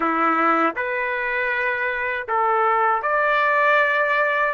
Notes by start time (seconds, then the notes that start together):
0.00 E4
0.76 B4
2.28 A4
3.02 D5